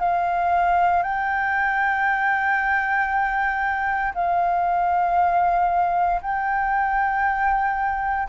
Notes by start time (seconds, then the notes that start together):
0.00 F5
1.03 G5
4.14 F5
6.22 G5